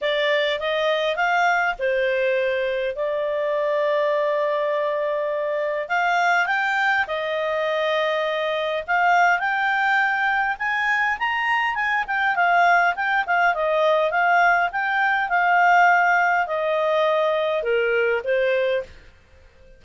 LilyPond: \new Staff \with { instrumentName = "clarinet" } { \time 4/4 \tempo 4 = 102 d''4 dis''4 f''4 c''4~ | c''4 d''2.~ | d''2 f''4 g''4 | dis''2. f''4 |
g''2 gis''4 ais''4 | gis''8 g''8 f''4 g''8 f''8 dis''4 | f''4 g''4 f''2 | dis''2 ais'4 c''4 | }